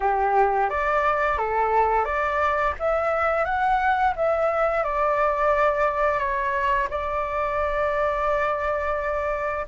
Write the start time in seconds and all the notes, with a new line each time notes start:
0.00 G4
0.69 D5
1.37 A4
2.04 D5
2.79 E5
3.45 F#5
4.15 E5
4.83 D5
6.18 C#5
6.90 D5